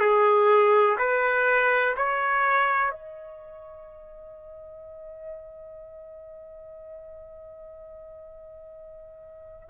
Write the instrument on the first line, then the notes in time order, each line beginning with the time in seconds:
trumpet
0.00 G#4
0.98 B4
1.97 C#5
2.91 D#5